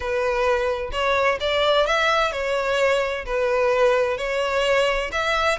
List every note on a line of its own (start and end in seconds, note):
0.00 0.90 B4
0.92 1.38 C#5
1.40 1.86 D5
1.86 2.32 E5
2.32 3.25 C#5
3.25 4.17 B4
4.17 5.10 C#5
5.12 5.58 E5